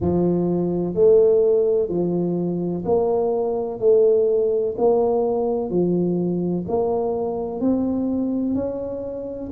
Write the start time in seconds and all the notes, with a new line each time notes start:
0.00 F3
0.94 A3
1.88 F3
2.85 A#3
3.79 A3
4.77 A#3
5.70 F3
6.68 A#3
7.60 C4
8.55 C#4